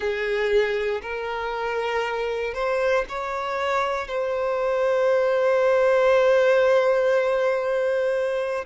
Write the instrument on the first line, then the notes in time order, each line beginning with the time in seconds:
violin
0.00 G#4
1.02 A#4
2.54 C5
3.08 C#5
4.07 C5